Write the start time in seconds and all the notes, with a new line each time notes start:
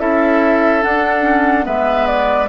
0.00 C#4 E4 A4 E5
0.82 D4 F#5
1.23 C#4
1.64 G#3 B3 B4 E5
2.07 D5